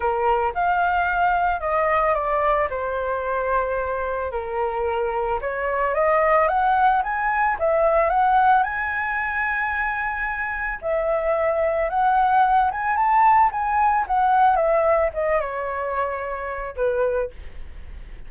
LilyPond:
\new Staff \with { instrumentName = "flute" } { \time 4/4 \tempo 4 = 111 ais'4 f''2 dis''4 | d''4 c''2. | ais'2 cis''4 dis''4 | fis''4 gis''4 e''4 fis''4 |
gis''1 | e''2 fis''4. gis''8 | a''4 gis''4 fis''4 e''4 | dis''8 cis''2~ cis''8 b'4 | }